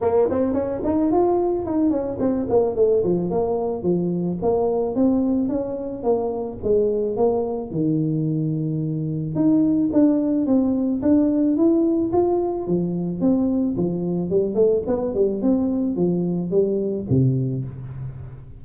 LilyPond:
\new Staff \with { instrumentName = "tuba" } { \time 4/4 \tempo 4 = 109 ais8 c'8 cis'8 dis'8 f'4 dis'8 cis'8 | c'8 ais8 a8 f8 ais4 f4 | ais4 c'4 cis'4 ais4 | gis4 ais4 dis2~ |
dis4 dis'4 d'4 c'4 | d'4 e'4 f'4 f4 | c'4 f4 g8 a8 b8 g8 | c'4 f4 g4 c4 | }